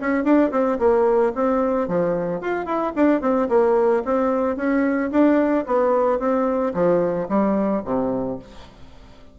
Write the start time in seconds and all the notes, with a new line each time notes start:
0.00 C#4
0.24 D4
0.51 C4
0.79 A#3
1.34 C4
1.88 F3
2.41 F4
2.66 E4
2.95 D4
3.21 C4
3.49 A#3
4.04 C4
4.56 C#4
5.11 D4
5.66 B3
6.19 C4
6.74 F3
7.29 G3
7.85 C3